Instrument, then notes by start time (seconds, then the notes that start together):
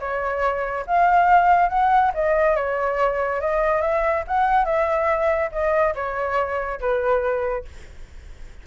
flute
0.00 C#5
0.87 F5
1.69 F#5
2.14 D#5
2.56 C#5
3.41 D#5
3.82 E5
4.27 F#5
4.65 E5
5.52 D#5
5.95 C#5
6.80 B4